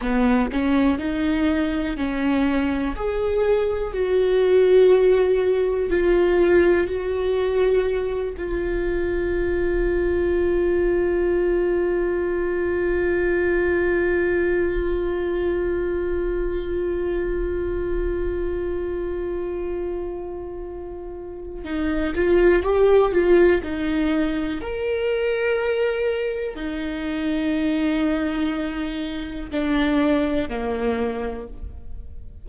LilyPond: \new Staff \with { instrumentName = "viola" } { \time 4/4 \tempo 4 = 61 b8 cis'8 dis'4 cis'4 gis'4 | fis'2 f'4 fis'4~ | fis'8 f'2.~ f'8~ | f'1~ |
f'1~ | f'2 dis'8 f'8 g'8 f'8 | dis'4 ais'2 dis'4~ | dis'2 d'4 ais4 | }